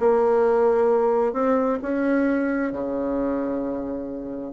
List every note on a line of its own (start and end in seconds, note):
0.00 1.33 A#3
1.33 1.79 C4
1.82 2.73 C#4
2.73 4.53 C#3